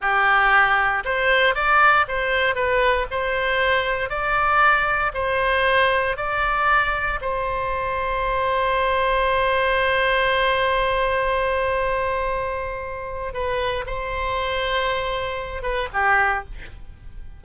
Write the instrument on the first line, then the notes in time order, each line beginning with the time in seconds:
oboe
0.01 G4
1.04 C5
1.54 D5
2.07 C5
2.55 B4
3.10 C5
4.09 D5
5.14 C5
6.17 D5
7.21 C5
13.33 B4
13.86 C5
15.62 B4
15.93 G4